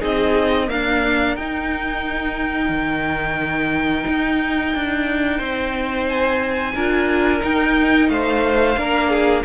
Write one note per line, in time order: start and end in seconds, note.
0.00 0.71 C4
0.00 0.68 D#4
0.00 0.67 G#4
0.00 0.70 D#5
0.67 1.35 A#3
0.67 1.37 D4
0.67 5.38 A#4
0.67 1.37 F5
1.37 2.70 D#4
1.37 6.77 D#4
1.37 6.09 G5
2.70 4.04 D#3
4.08 4.75 D#4
4.75 5.40 D4
5.38 6.75 C4
5.38 6.73 C5
6.09 7.44 G#5
6.75 7.43 D4
6.75 7.41 F4
6.75 8.10 A#4
7.41 8.76 D#4
7.41 8.09 D#4
7.41 8.10 G5
8.09 8.77 A3
8.09 8.79 C5
8.09 9.45 F5
8.77 9.45 A#3
8.77 9.44 D4
8.77 9.10 A#4
9.10 9.43 G#4